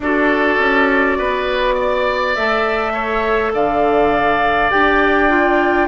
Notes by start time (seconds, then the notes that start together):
0.00 D4 F#4 A4 D5
0.59 C#4
1.18 B3 B4
1.75 D5
2.34 A3 A4 E5
2.93 C#5
3.53 D3 D5 F5
4.70 D4 G4 G5
5.29 F4